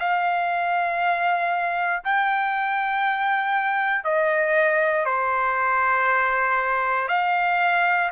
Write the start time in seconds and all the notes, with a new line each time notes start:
0.00 F5
2.05 G5
4.05 D#5
5.06 C5
7.09 F5